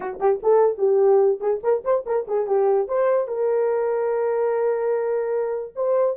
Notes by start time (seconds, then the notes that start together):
0.00 F#4
0.20 G4
0.42 A4
0.78 G4
1.40 G#4
1.63 A#4
1.84 C5
2.05 A#4
2.27 G#4
2.46 G4
2.87 C5
3.27 A#4
5.75 C5